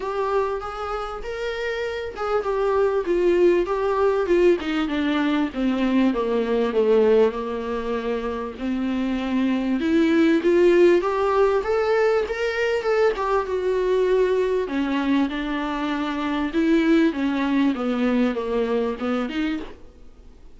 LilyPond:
\new Staff \with { instrumentName = "viola" } { \time 4/4 \tempo 4 = 98 g'4 gis'4 ais'4. gis'8 | g'4 f'4 g'4 f'8 dis'8 | d'4 c'4 ais4 a4 | ais2 c'2 |
e'4 f'4 g'4 a'4 | ais'4 a'8 g'8 fis'2 | cis'4 d'2 e'4 | cis'4 b4 ais4 b8 dis'8 | }